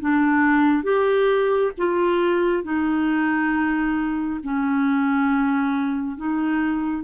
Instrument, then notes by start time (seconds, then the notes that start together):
clarinet
0.00 D4
0.83 G4
1.78 F4
2.64 D#4
4.43 C#4
6.16 D#4